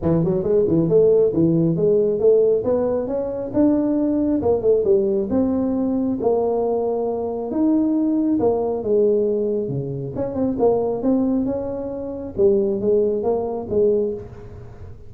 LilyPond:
\new Staff \with { instrumentName = "tuba" } { \time 4/4 \tempo 4 = 136 e8 fis8 gis8 e8 a4 e4 | gis4 a4 b4 cis'4 | d'2 ais8 a8 g4 | c'2 ais2~ |
ais4 dis'2 ais4 | gis2 cis4 cis'8 c'8 | ais4 c'4 cis'2 | g4 gis4 ais4 gis4 | }